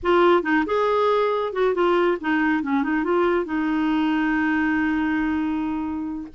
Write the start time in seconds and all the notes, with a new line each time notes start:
0.02 F4
0.42 D#4
0.66 G#4
1.52 F#4
1.74 F4
2.21 D#4
2.62 C#4
2.83 D#4
3.04 F4
3.45 D#4